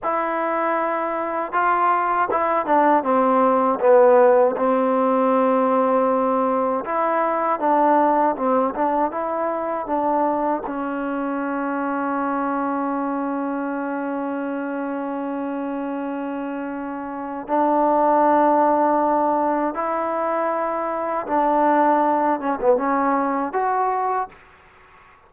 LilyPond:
\new Staff \with { instrumentName = "trombone" } { \time 4/4 \tempo 4 = 79 e'2 f'4 e'8 d'8 | c'4 b4 c'2~ | c'4 e'4 d'4 c'8 d'8 | e'4 d'4 cis'2~ |
cis'1~ | cis'2. d'4~ | d'2 e'2 | d'4. cis'16 b16 cis'4 fis'4 | }